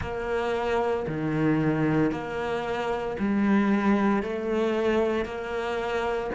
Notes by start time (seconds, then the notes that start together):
0.01 A#3
1.07 D#3
2.11 A#3
3.19 G3
4.22 A3
5.25 A#3